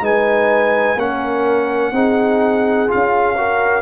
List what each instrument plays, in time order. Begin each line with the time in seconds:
0.00 tuba G#3, trombone D#4, horn B4, trumpet G#5
0.96 tuba A#3, trombone C#4, horn A#4, trumpet F#5
1.92 tuba C4, trombone D#4, horn G#4
2.87 trombone F4, trumpet F5
2.94 tuba C#4
3.37 trombone F#4, horn A#4